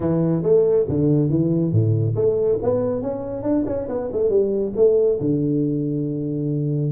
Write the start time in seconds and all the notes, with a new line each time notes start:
0.00 E3
0.42 A3
0.88 D3
1.29 E3
1.72 A2
2.15 A3
2.62 B3
3.02 C#4
3.43 D4
3.66 C#4
3.88 B3
4.12 A3
4.29 G3
4.76 A3
5.20 D3